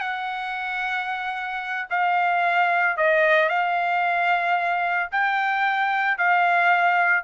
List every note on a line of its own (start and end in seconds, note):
0.00 1.87 F#5
1.89 2.97 F5
2.97 3.49 D#5
3.49 5.10 F5
5.11 6.17 G5
6.17 7.24 F5